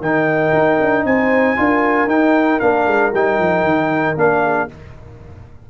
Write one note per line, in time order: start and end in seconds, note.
0.00 0.52 D#3
0.00 1.56 D#4
0.00 1.04 A#4
0.00 1.05 G5
0.53 0.79 D#4
0.80 1.04 D4
1.04 1.56 C4
1.04 1.58 C5
1.04 2.09 G#5
1.56 2.06 D4
1.56 2.08 F4
1.56 4.42 A#4
2.06 2.58 D#4
2.06 2.60 D#4
2.06 2.59 G5
2.59 2.87 A#3
2.59 3.12 D4
2.59 3.11 F5
2.87 3.12 G#3
3.13 3.39 G3
3.13 4.16 D#4
3.13 4.17 G5
3.39 3.63 F3
3.63 4.15 D#3
4.16 4.68 A#3
4.16 4.68 D4
4.16 4.70 F5
4.42 4.68 G#4